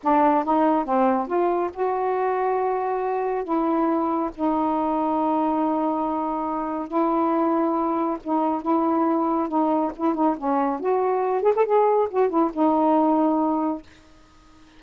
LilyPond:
\new Staff \with { instrumentName = "saxophone" } { \time 4/4 \tempo 4 = 139 d'4 dis'4 c'4 f'4 | fis'1 | e'2 dis'2~ | dis'1 |
e'2. dis'4 | e'2 dis'4 e'8 dis'8 | cis'4 fis'4. gis'16 a'16 gis'4 | fis'8 e'8 dis'2. | }